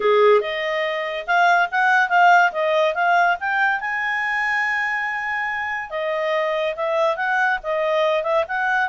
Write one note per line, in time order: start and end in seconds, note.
0.00 0.40 G#4
0.40 1.25 D#5
1.26 1.68 F5
1.71 2.09 F#5
2.09 2.51 F5
2.52 2.94 D#5
2.94 3.36 F5
3.40 3.80 G5
3.80 5.90 G#5
5.90 6.74 D#5
6.76 7.16 E5
7.16 7.58 F#5
7.63 8.23 D#5
8.23 8.44 E5
8.48 8.89 F#5